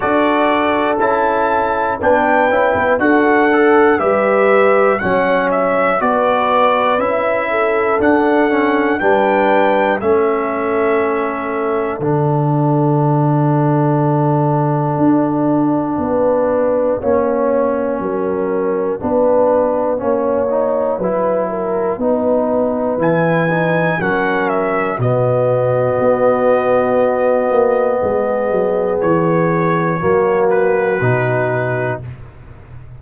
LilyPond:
<<
  \new Staff \with { instrumentName = "trumpet" } { \time 4/4 \tempo 4 = 60 d''4 a''4 g''4 fis''4 | e''4 fis''8 e''8 d''4 e''4 | fis''4 g''4 e''2 | fis''1~ |
fis''1~ | fis''2. gis''4 | fis''8 e''8 dis''2.~ | dis''4 cis''4. b'4. | }
  \new Staff \with { instrumentName = "horn" } { \time 4/4 a'2 b'4 a'4 | b'4 cis''4 b'4. a'8~ | a'4 b'4 a'2~ | a'1 |
b'4 cis''4 ais'4 b'4 | cis''4 b'8 ais'8 b'2 | ais'4 fis'2. | gis'2 fis'2 | }
  \new Staff \with { instrumentName = "trombone" } { \time 4/4 fis'4 e'4 d'8 e'8 fis'8 a'8 | g'4 cis'4 fis'4 e'4 | d'8 cis'8 d'4 cis'2 | d'1~ |
d'4 cis'2 d'4 | cis'8 dis'8 e'4 dis'4 e'8 dis'8 | cis'4 b2.~ | b2 ais4 dis'4 | }
  \new Staff \with { instrumentName = "tuba" } { \time 4/4 d'4 cis'4 b8 cis'16 b16 d'4 | g4 fis4 b4 cis'4 | d'4 g4 a2 | d2. d'4 |
b4 ais4 fis4 b4 | ais4 fis4 b4 e4 | fis4 b,4 b4. ais8 | gis8 fis8 e4 fis4 b,4 | }
>>